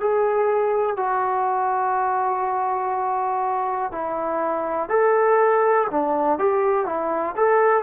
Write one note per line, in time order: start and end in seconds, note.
0.00 0.97 G#4
0.97 3.92 F#4
3.92 4.89 E4
4.89 5.87 A4
5.91 6.38 D4
6.38 6.85 G4
6.85 7.35 E4
7.36 7.83 A4